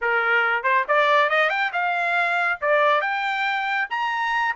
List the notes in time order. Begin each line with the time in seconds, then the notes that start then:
0.01 A#4
0.63 C5
0.88 D5
1.29 D#5
1.49 G5
1.73 F5
2.61 D5
3.01 G5
3.90 A#5